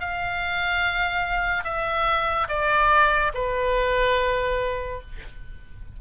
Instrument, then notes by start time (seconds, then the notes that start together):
oboe
0.00 F5
1.64 E5
2.48 D5
3.34 B4